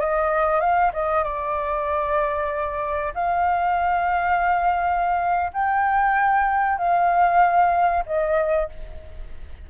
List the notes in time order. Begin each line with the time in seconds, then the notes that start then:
0.00 D#5
0.60 F5
0.94 D#5
1.24 D5
3.15 F5
5.53 G5
6.78 F5
8.06 D#5